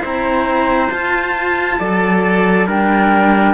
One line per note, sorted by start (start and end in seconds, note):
0.00 0.91 C4
0.00 0.90 E4
0.00 1.76 C5
0.00 0.92 A#5
0.91 1.80 F4
0.91 1.81 F4
0.91 2.68 A5
1.79 2.68 F#3
1.79 2.67 A4
1.79 2.67 D5
2.67 3.55 G3
2.67 3.55 D4
2.67 3.55 A#4
2.67 3.55 G5